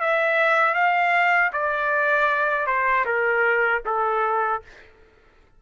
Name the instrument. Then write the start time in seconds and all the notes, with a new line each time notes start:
trumpet
0.00 E5
0.74 F5
1.52 D5
2.67 C5
3.05 A#4
3.85 A4